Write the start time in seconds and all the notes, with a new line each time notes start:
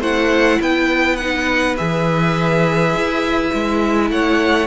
0.00 A3 E4 C5 F#5
0.61 B3 B4 G5
1.17 D#4 F#5
1.77 E3 G#4 E5
2.95 E4
3.52 G#3 E4
4.11 A3 C#5 F#5